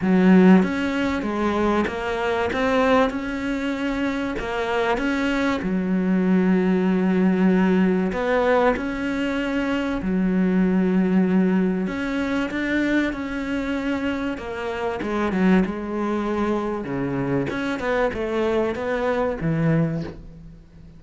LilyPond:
\new Staff \with { instrumentName = "cello" } { \time 4/4 \tempo 4 = 96 fis4 cis'4 gis4 ais4 | c'4 cis'2 ais4 | cis'4 fis2.~ | fis4 b4 cis'2 |
fis2. cis'4 | d'4 cis'2 ais4 | gis8 fis8 gis2 cis4 | cis'8 b8 a4 b4 e4 | }